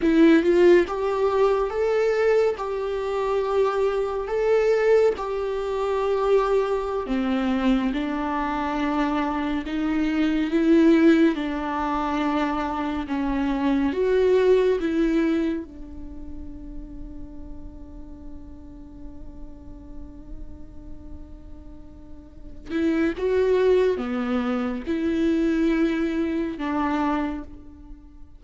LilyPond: \new Staff \with { instrumentName = "viola" } { \time 4/4 \tempo 4 = 70 e'8 f'8 g'4 a'4 g'4~ | g'4 a'4 g'2~ | g'16 c'4 d'2 dis'8.~ | dis'16 e'4 d'2 cis'8.~ |
cis'16 fis'4 e'4 d'4.~ d'16~ | d'1~ | d'2~ d'8 e'8 fis'4 | b4 e'2 d'4 | }